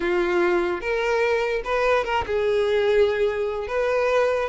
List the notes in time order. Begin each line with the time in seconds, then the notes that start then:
0.00 F4
0.80 A#4
1.64 B4
2.04 A#4
2.26 G#4
3.67 B4